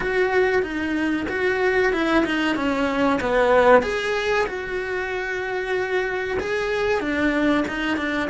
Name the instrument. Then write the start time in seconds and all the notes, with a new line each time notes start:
cello
0.00 F#4
0.62 D#4
1.29 F#4
1.93 E4
2.25 D#4
2.56 C#4
3.20 B3
3.82 G#4
4.46 F#4
6.39 G#4
7.00 D4
7.68 D#4
7.97 D4